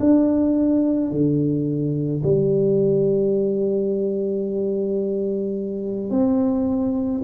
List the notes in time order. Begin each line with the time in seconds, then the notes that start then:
0.00 D4
1.11 D3
2.23 G3
6.10 C4